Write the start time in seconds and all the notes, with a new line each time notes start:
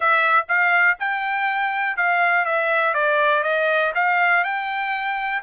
0.00 E5
0.48 F5
0.99 G5
1.96 F5
2.45 E5
2.94 D5
3.43 D#5
3.95 F5
4.44 G5